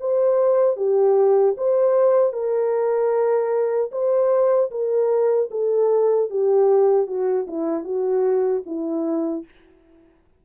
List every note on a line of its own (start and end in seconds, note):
0.00 0.76 C5
0.76 1.55 G4
1.57 2.33 C5
2.33 3.90 A#4
3.91 4.70 C5
4.70 5.49 A#4
5.51 6.30 A4
6.30 7.07 G4
7.07 7.46 F#4
7.47 7.84 E4
7.84 8.63 F#4
8.66 9.44 E4